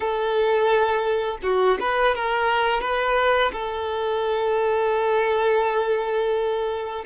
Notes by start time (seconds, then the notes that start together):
0.00 A4
1.42 F#4
1.79 B4
2.15 A#4
2.80 B4
3.52 A4